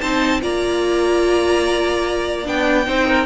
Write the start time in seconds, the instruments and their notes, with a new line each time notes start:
0.00 cello C4, viola D#4, violin C5 A5
0.41 cello A#3, viola F4, violin D5 A#5
2.44 cello B3, viola D4, violin G5
2.86 cello C4, viola D#4, violin C5
3.07 violin A#4